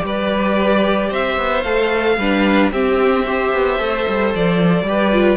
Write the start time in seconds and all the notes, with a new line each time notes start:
0.00 G3 G4 B4
0.06 D5
1.09 C4 C5 E5
1.37 B3
1.62 A3 A4 F5
2.17 G3 D4 B4
2.71 C4 G4 E5
3.25 G4 C5
3.52 B3
3.79 A3 A4
4.08 G3
4.35 F3 D5
4.82 G3 G4 B4
5.12 F4